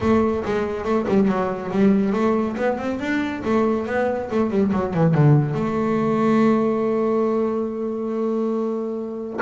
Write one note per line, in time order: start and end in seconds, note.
0.00 0.43 A3
0.45 0.84 G#3
0.84 1.05 A3
1.08 1.28 G3
1.28 1.70 F#3
1.71 2.13 G3
2.13 2.55 A3
2.57 2.78 B3
2.78 2.99 C4
2.99 3.42 D4
3.44 3.86 A3
3.86 4.29 B3
4.30 4.50 A3
4.50 4.71 G3
4.72 4.93 F#3
4.93 5.14 E3
5.14 5.54 D3
5.54 9.39 A3